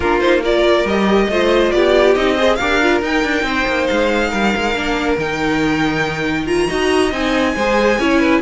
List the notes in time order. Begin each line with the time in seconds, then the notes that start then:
0.00 A#3 D4 F4 A#4
0.20 D#4 C5
0.42 F4 A#4 D5
0.84 G3 G4 D#5
1.29 A3 F4 C5
1.71 B3 G4 D5
2.15 C4 D#4 D#5
2.35 G#4 C5
2.55 D4 G4 A#4 F5
2.82 F4
3.02 D#4 G5
3.23 D4
3.42 C4 C5
3.67 A#3
3.87 G#3 F5
4.29 G3 A#4
4.56 G#3
4.74 A#3 D4
5.17 D#3 D#4 G5
6.46 F4 A#5
6.68 D#4 F#4 D#5
7.11 C4 D#4 G#5
7.55 G#3 G#4 C5
7.98 C#4 E4 C#5
8.19 B4